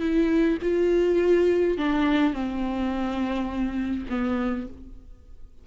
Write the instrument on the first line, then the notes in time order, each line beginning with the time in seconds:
viola
0.00 E4
0.62 F4
1.77 D4
2.33 C4
4.09 B3